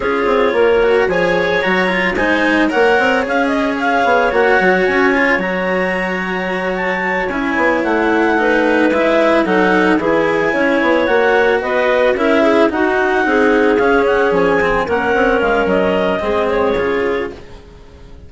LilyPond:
<<
  \new Staff \with { instrumentName = "clarinet" } { \time 4/4 \tempo 4 = 111 cis''2 gis''4 ais''4 | gis''4 fis''4 f''8 dis''8 f''4 | fis''4 gis''4 ais''2~ | ais''8 a''4 gis''4 fis''4.~ |
fis''8 e''4 fis''4 gis''4.~ | gis''8 fis''4 dis''4 e''4 fis''8~ | fis''4. f''8 fis''8 gis''4 fis''8~ | fis''8 f''8 dis''4. cis''4. | }
  \new Staff \with { instrumentName = "clarinet" } { \time 4/4 gis'4 ais'4 cis''2 | c''4 cis''2.~ | cis''1~ | cis''2.~ cis''8 b'8~ |
b'4. a'4 gis'4 cis''8~ | cis''4. b'4 ais'8 gis'8 fis'8~ | fis'8 gis'2. ais'8~ | ais'2 gis'2 | }
  \new Staff \with { instrumentName = "cello" } { \time 4/4 f'4. fis'8 gis'4 fis'8 f'8 | dis'4 ais'4 gis'2 | fis'4. f'8 fis'2~ | fis'4. e'2 dis'8~ |
dis'8 e'4 dis'4 e'4.~ | e'8 fis'2 e'4 dis'8~ | dis'4. cis'4. c'8 cis'8~ | cis'2 c'4 f'4 | }
  \new Staff \with { instrumentName = "bassoon" } { \time 4/4 cis'8 c'8 ais4 f4 fis4 | gis4 ais8 c'8 cis'4. b8 | ais8 fis8 cis'4 fis2~ | fis4. cis'8 b8 a4.~ |
a8 gis4 fis4 e4 cis'8 | b8 ais4 b4 cis'4 dis'8~ | dis'8 c'4 cis'4 f4 ais8 | c'8 gis8 fis4 gis4 cis4 | }
>>